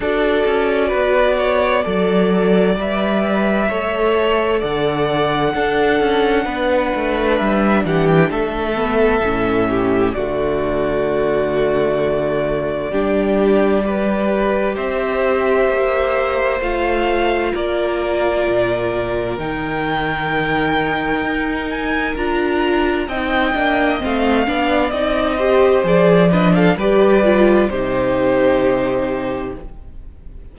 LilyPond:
<<
  \new Staff \with { instrumentName = "violin" } { \time 4/4 \tempo 4 = 65 d''2. e''4~ | e''4 fis''2. | e''8 fis''16 g''16 e''2 d''4~ | d''1 |
e''2 f''4 d''4~ | d''4 g''2~ g''8 gis''8 | ais''4 g''4 f''4 dis''4 | d''8 dis''16 f''16 d''4 c''2 | }
  \new Staff \with { instrumentName = "violin" } { \time 4/4 a'4 b'8 cis''8 d''2 | cis''4 d''4 a'4 b'4~ | b'8 g'8 a'4. g'8 fis'4~ | fis'2 g'4 b'4 |
c''2. ais'4~ | ais'1~ | ais'4 dis''4. d''4 c''8~ | c''8 b'16 a'16 b'4 g'2 | }
  \new Staff \with { instrumentName = "viola" } { \time 4/4 fis'2 a'4 b'4 | a'2 d'2~ | d'4. b8 cis'4 a4~ | a2 d'4 g'4~ |
g'2 f'2~ | f'4 dis'2. | f'4 dis'8 d'8 c'8 d'8 dis'8 g'8 | gis'8 d'8 g'8 f'8 dis'2 | }
  \new Staff \with { instrumentName = "cello" } { \time 4/4 d'8 cis'8 b4 fis4 g4 | a4 d4 d'8 cis'8 b8 a8 | g8 e8 a4 a,4 d4~ | d2 g2 |
c'4 ais4 a4 ais4 | ais,4 dis2 dis'4 | d'4 c'8 ais8 a8 b8 c'4 | f4 g4 c2 | }
>>